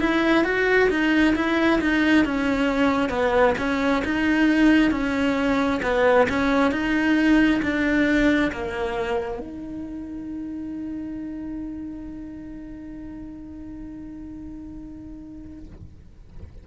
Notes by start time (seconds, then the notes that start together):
0.00 E4
0.44 F#4
0.90 D#4
1.36 E4
1.81 D#4
2.25 C#4
3.09 B3
3.58 C#4
4.05 D#4
4.91 C#4
5.82 B3
6.29 C#4
6.72 D#4
7.62 D4
8.52 A#3
9.39 D#4